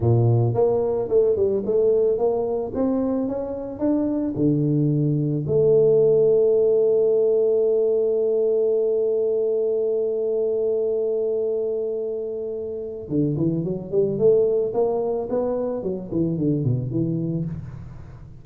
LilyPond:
\new Staff \with { instrumentName = "tuba" } { \time 4/4 \tempo 4 = 110 ais,4 ais4 a8 g8 a4 | ais4 c'4 cis'4 d'4 | d2 a2~ | a1~ |
a1~ | a1 | d8 e8 fis8 g8 a4 ais4 | b4 fis8 e8 d8 b,8 e4 | }